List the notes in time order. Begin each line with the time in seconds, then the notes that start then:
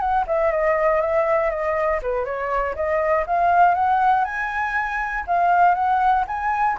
0.00 F#5
0.27 E5
0.52 D#5
1.01 E5
1.50 D#5
2.02 B4
2.25 C#5
2.76 D#5
3.27 F5
3.75 F#5
4.25 G#5
5.27 F5
5.75 F#5
6.28 G#5